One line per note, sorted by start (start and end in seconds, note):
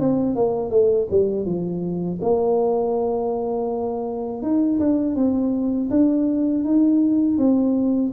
0.00 0.36 C4
0.36 0.71 A#3
0.71 1.08 A3
1.11 1.46 G3
1.46 2.20 F3
2.22 4.43 A#3
4.43 4.80 D#4
4.80 5.16 D4
5.16 5.90 C4
5.91 6.65 D4
6.65 7.38 D#4
7.38 8.12 C4